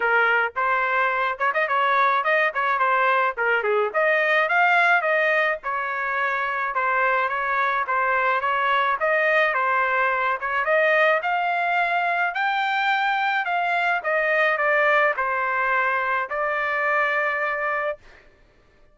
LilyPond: \new Staff \with { instrumentName = "trumpet" } { \time 4/4 \tempo 4 = 107 ais'4 c''4. cis''16 dis''16 cis''4 | dis''8 cis''8 c''4 ais'8 gis'8 dis''4 | f''4 dis''4 cis''2 | c''4 cis''4 c''4 cis''4 |
dis''4 c''4. cis''8 dis''4 | f''2 g''2 | f''4 dis''4 d''4 c''4~ | c''4 d''2. | }